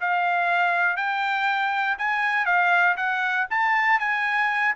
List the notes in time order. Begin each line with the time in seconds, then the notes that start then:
0.00 F5
0.97 G5
1.98 G#5
2.45 F5
2.97 F#5
3.50 A5
3.99 G#5